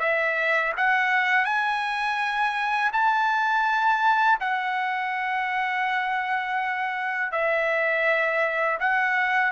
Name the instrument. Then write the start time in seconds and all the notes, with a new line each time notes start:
trumpet
0.00 E5
0.77 F#5
1.45 G#5
2.93 A5
4.41 F#5
7.32 E5
8.80 F#5